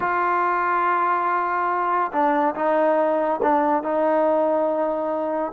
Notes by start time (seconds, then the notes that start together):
0.00 F4
2.12 D4
2.55 D#4
3.42 D4
3.83 D#4